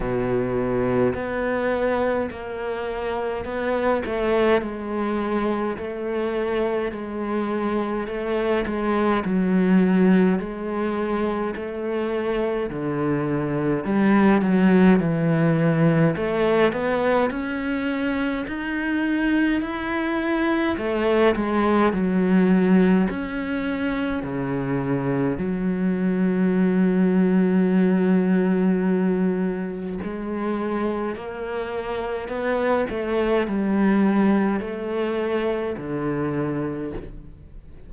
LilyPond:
\new Staff \with { instrumentName = "cello" } { \time 4/4 \tempo 4 = 52 b,4 b4 ais4 b8 a8 | gis4 a4 gis4 a8 gis8 | fis4 gis4 a4 d4 | g8 fis8 e4 a8 b8 cis'4 |
dis'4 e'4 a8 gis8 fis4 | cis'4 cis4 fis2~ | fis2 gis4 ais4 | b8 a8 g4 a4 d4 | }